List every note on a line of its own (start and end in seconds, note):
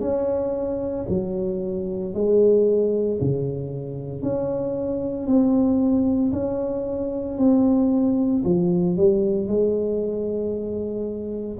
0.00 1.05 C#4
1.09 2.14 F#3
2.14 3.19 G#3
3.21 4.22 C#3
4.22 5.26 C#4
5.26 6.32 C4
6.33 7.38 C#4
7.38 8.43 C4
8.44 8.96 F3
8.96 9.47 G3
9.47 11.58 G#3